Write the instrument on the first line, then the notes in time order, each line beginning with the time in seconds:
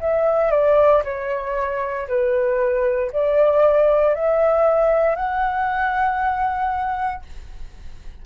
flute
0.00 E5
0.50 D5
1.04 C#5
2.08 B4
3.12 D5
4.14 E5
5.15 F#5